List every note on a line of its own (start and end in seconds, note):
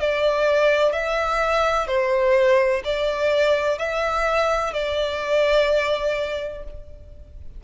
0.00 0.93 D5
0.93 1.87 E5
1.87 2.82 C5
2.84 3.78 D5
3.78 4.74 E5
4.74 6.64 D5